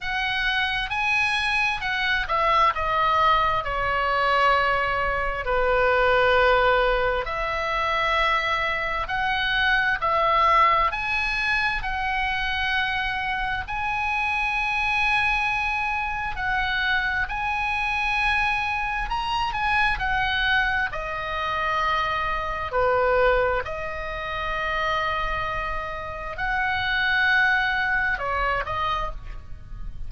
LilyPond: \new Staff \with { instrumentName = "oboe" } { \time 4/4 \tempo 4 = 66 fis''4 gis''4 fis''8 e''8 dis''4 | cis''2 b'2 | e''2 fis''4 e''4 | gis''4 fis''2 gis''4~ |
gis''2 fis''4 gis''4~ | gis''4 ais''8 gis''8 fis''4 dis''4~ | dis''4 b'4 dis''2~ | dis''4 fis''2 cis''8 dis''8 | }